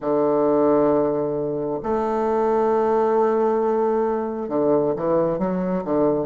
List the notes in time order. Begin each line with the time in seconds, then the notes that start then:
0.00 D3
1.82 A3
4.49 D3
4.95 E3
5.38 F#3
5.84 D3